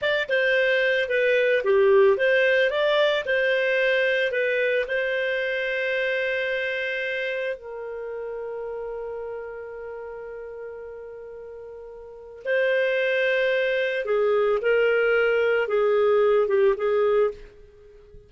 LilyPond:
\new Staff \with { instrumentName = "clarinet" } { \time 4/4 \tempo 4 = 111 d''8 c''4. b'4 g'4 | c''4 d''4 c''2 | b'4 c''2.~ | c''2 ais'2~ |
ais'1~ | ais'2. c''4~ | c''2 gis'4 ais'4~ | ais'4 gis'4. g'8 gis'4 | }